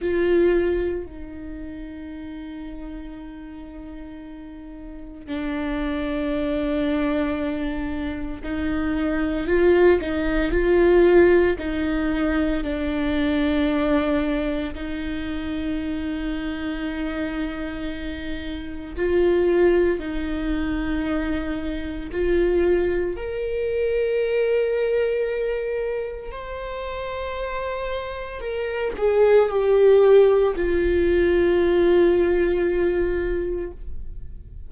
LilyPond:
\new Staff \with { instrumentName = "viola" } { \time 4/4 \tempo 4 = 57 f'4 dis'2.~ | dis'4 d'2. | dis'4 f'8 dis'8 f'4 dis'4 | d'2 dis'2~ |
dis'2 f'4 dis'4~ | dis'4 f'4 ais'2~ | ais'4 c''2 ais'8 gis'8 | g'4 f'2. | }